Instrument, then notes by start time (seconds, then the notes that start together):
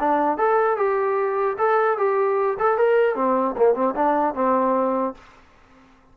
trombone
0.00 D4
0.38 A4
0.77 G4
1.59 A4
1.98 G4
2.60 A4
2.78 A#4
3.16 C4
3.58 A#3
3.75 C4
3.96 D4
4.35 C4